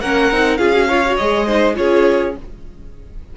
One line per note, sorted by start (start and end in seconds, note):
0.00 0.30 A#3
0.00 0.32 C#4
0.00 0.58 A#4
0.00 0.57 F#5
0.31 0.58 C4
0.31 0.58 D#4
0.57 1.17 C#4
0.57 0.72 F4
0.57 0.88 G#4
0.57 1.16 F5
0.72 0.87 F#4
0.88 1.04 F4
0.88 1.46 C#5
1.05 1.20 F#4
1.16 1.78 G#3
1.16 1.47 G#4
1.16 1.75 D#5
1.46 1.74 D#4
1.46 1.75 C5
1.74 2.37 C#4
1.74 2.33 F4
1.74 2.36 G#4
1.74 2.35 C#5